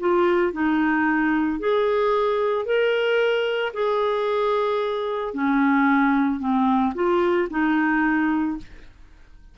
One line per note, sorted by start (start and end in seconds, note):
0.00 0.53 F4
0.53 1.59 D#4
1.59 2.66 G#4
2.66 3.73 A#4
3.74 5.34 G#4
5.34 6.40 C#4
6.40 6.94 C4
6.95 7.48 F4
7.50 8.58 D#4